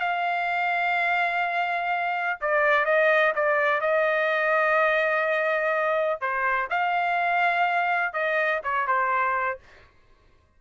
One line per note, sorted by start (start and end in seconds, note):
0.00 2.40 F5
2.41 2.85 D5
2.85 3.33 D#5
3.35 3.81 D5
3.81 6.21 D#5
6.21 6.69 C5
6.70 8.13 F5
8.13 8.61 D#5
8.64 8.88 C#5
8.88 9.60 C5